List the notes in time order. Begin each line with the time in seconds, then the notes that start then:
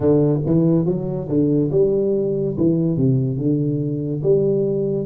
0.00 D3
0.46 E3
0.85 F#3
1.28 D3
1.71 G3
2.57 E3
2.97 C3
3.37 D3
4.23 G3